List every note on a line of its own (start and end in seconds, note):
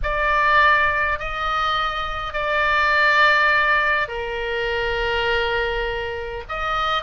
0.02 1.19 D5
1.19 2.33 D#5
2.33 4.08 D5
4.08 6.43 A#4
6.48 7.03 D#5